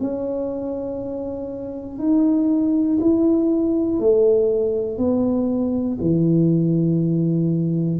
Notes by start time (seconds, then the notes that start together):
0.00 C#4
1.99 D#4
3.00 E4
3.99 A3
4.98 B3
6.00 E3